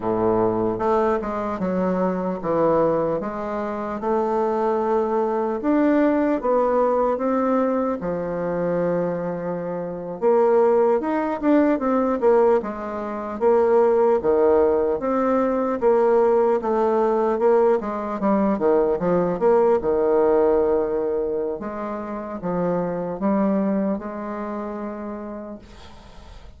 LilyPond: \new Staff \with { instrumentName = "bassoon" } { \time 4/4 \tempo 4 = 75 a,4 a8 gis8 fis4 e4 | gis4 a2 d'4 | b4 c'4 f2~ | f8. ais4 dis'8 d'8 c'8 ais8 gis16~ |
gis8. ais4 dis4 c'4 ais16~ | ais8. a4 ais8 gis8 g8 dis8 f16~ | f16 ais8 dis2~ dis16 gis4 | f4 g4 gis2 | }